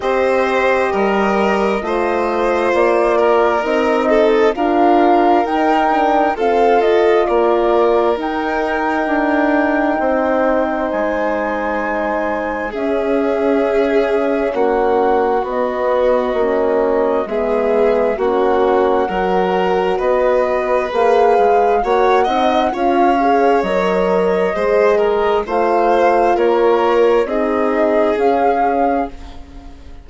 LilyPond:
<<
  \new Staff \with { instrumentName = "flute" } { \time 4/4 \tempo 4 = 66 dis''2. d''4 | dis''4 f''4 g''4 f''8 dis''8 | d''4 g''2. | gis''2 e''2 |
fis''4 dis''2 e''4 | fis''2 dis''4 f''4 | fis''4 f''4 dis''2 | f''4 cis''4 dis''4 f''4 | }
  \new Staff \with { instrumentName = "violin" } { \time 4/4 c''4 ais'4 c''4. ais'8~ | ais'8 a'8 ais'2 a'4 | ais'2. c''4~ | c''2 gis'2 |
fis'2. gis'4 | fis'4 ais'4 b'2 | cis''8 dis''8 cis''2 c''8 ais'8 | c''4 ais'4 gis'2 | }
  \new Staff \with { instrumentName = "horn" } { \time 4/4 g'2 f'2 | dis'4 f'4 dis'8 d'8 c'8 f'8~ | f'4 dis'2.~ | dis'2 cis'2~ |
cis'4 b4 cis'4 b4 | cis'4 fis'2 gis'4 | fis'8 dis'8 f'8 gis'8 ais'4 gis'4 | f'2 dis'4 cis'4 | }
  \new Staff \with { instrumentName = "bassoon" } { \time 4/4 c'4 g4 a4 ais4 | c'4 d'4 dis'4 f'4 | ais4 dis'4 d'4 c'4 | gis2 cis'2 |
ais4 b4 ais4 gis4 | ais4 fis4 b4 ais8 gis8 | ais8 c'8 cis'4 fis4 gis4 | a4 ais4 c'4 cis'4 | }
>>